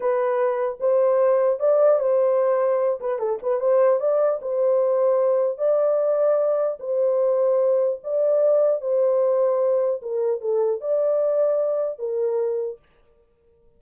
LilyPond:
\new Staff \with { instrumentName = "horn" } { \time 4/4 \tempo 4 = 150 b'2 c''2 | d''4 c''2~ c''8 b'8 | a'8 b'8 c''4 d''4 c''4~ | c''2 d''2~ |
d''4 c''2. | d''2 c''2~ | c''4 ais'4 a'4 d''4~ | d''2 ais'2 | }